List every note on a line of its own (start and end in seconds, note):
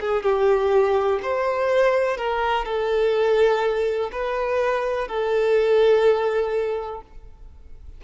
0.00 0.22 G#4
0.22 1.19 G4
1.22 2.17 C5
2.17 2.65 A#4
2.65 4.10 A4
4.12 5.07 B4
5.07 7.01 A4